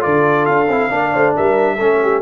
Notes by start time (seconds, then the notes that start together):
0.00 D3 F4 A4 D5
0.45 D4 F5
0.68 C4 E4
0.90 A#3 D4 D5
1.13 A3 C5
1.36 G3 A#4 E5
1.76 A3 C#4 A4
2.02 G4